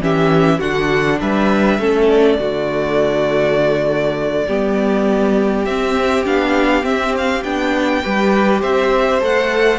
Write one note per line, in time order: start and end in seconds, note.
0.00 0.59 E3
0.00 0.60 C#4
0.00 0.58 G4
0.00 0.60 E5
0.58 1.20 D3
0.58 1.79 D4
0.58 1.18 F#4
0.58 1.19 F#5
1.20 1.78 G3
1.20 1.80 B4
1.20 2.09 E5
1.78 2.38 A3
1.78 2.39 C#4
1.78 2.39 A4
2.09 5.65 D5
2.38 4.46 D3
2.38 4.47 A3
2.38 4.46 F#4
4.46 5.66 G3
4.46 5.66 B3
4.46 8.02 G4
5.65 6.25 C4
5.65 6.24 E5
6.25 6.83 B3
6.25 6.82 D4
6.25 6.85 F5
6.82 7.42 C4
6.82 7.14 E5
7.17 7.43 F5
7.43 8.03 B3
7.43 8.03 D4
7.43 8.62 G5
8.03 8.63 G3
8.03 9.21 G4
8.03 8.61 B4
8.61 9.22 C4
8.61 9.79 C5
8.61 9.21 E5
9.21 9.79 A3
9.21 9.79 A4
9.21 9.79 F#5